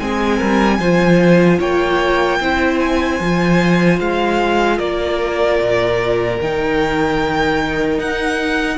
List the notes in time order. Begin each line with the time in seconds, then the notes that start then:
0.00 G#3 C4 G#4 G#5
0.38 G3 A#4
0.79 F3 F4 C5
1.59 A#3 C#5 G5
2.40 C4 E4 C5
2.79 G#5
3.20 F3 F4
4.00 G#3 F5
4.77 A#3 A#4 D5
5.60 A#2
6.41 D#3 D#4 G5
7.99 D#4 F#5